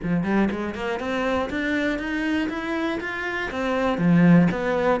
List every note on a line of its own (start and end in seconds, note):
0.02 0.23 F3
0.23 0.48 G3
0.50 0.75 G#3
0.75 0.99 A#3
0.99 1.49 C4
1.50 1.98 D4
1.98 2.48 D#4
2.49 2.99 E4
3.00 3.50 F4
3.50 3.98 C4
3.98 4.48 F3
4.51 5.00 B3